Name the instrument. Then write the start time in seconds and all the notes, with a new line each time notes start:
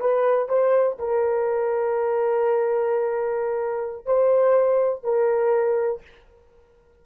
horn
0.00 B4
0.49 C5
0.98 A#4
4.06 C5
5.03 A#4